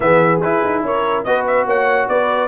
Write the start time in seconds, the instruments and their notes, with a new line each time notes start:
0.00 tuba E3, trombone B3, horn G#4, trumpet E5
0.42 tuba E4, trombone E4, trumpet B4
0.64 tuba D#4
0.82 tuba C#4, horn A#4, trumpet C#5
1.23 tuba B3, trombone F#4, horn B4, trumpet D#5
1.46 trumpet E5
1.65 tuba A#3, horn C#5, trumpet F#5
2.08 tuba B3, horn B4, trumpet D5